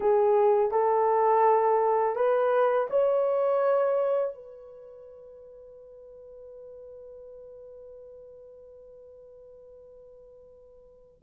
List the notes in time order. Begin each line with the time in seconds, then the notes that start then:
0.00 G#4
0.71 A4
2.15 B4
2.89 C#5
4.34 B4